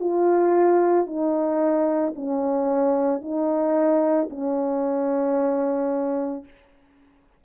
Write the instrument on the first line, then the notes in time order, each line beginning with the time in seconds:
horn
0.00 F4
1.07 D#4
2.16 C#4
3.21 D#4
4.30 C#4